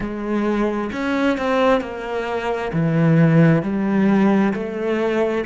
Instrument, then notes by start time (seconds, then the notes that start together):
cello
0.00 G#3
0.92 C#4
1.37 C4
1.80 A#3
2.72 E3
3.62 G3
4.53 A3